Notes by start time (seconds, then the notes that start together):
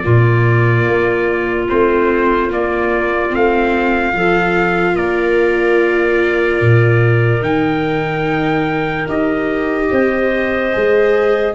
0.00 A#2 A#3 F4 D5
0.87 A#3
1.69 A3 C4 C5
2.51 A#3 D5
3.30 A3 C4 F5
4.12 F3 F4 A4
4.93 A#3 A#4 D5
6.61 A#2
7.42 D#3 D#4 G5
9.08 D#4 G4 D#5
9.91 C4 C5
10.73 G#3 G#4